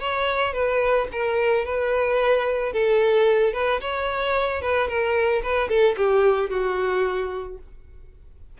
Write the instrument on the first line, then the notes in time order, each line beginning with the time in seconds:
violin
0.00 C#5
0.53 B4
1.12 A#4
1.65 B4
2.73 A4
3.53 B4
3.81 C#5
4.62 B4
4.88 A#4
5.43 B4
5.69 A4
5.97 G4
6.50 F#4